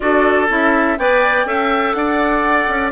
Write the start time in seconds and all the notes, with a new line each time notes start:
0.00 D4 F#4 A4 D5
0.48 C#4 E4 E5
0.97 B3 B4 D5 G5
1.45 C#4 A4 E5
1.93 D4 D5 F#5
2.68 C#4